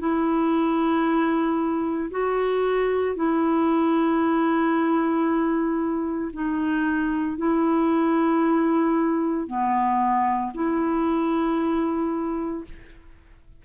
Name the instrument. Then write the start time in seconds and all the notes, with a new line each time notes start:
clarinet
0.00 E4
2.11 F#4
3.16 E4
6.33 D#4
7.38 E4
9.47 B3
10.55 E4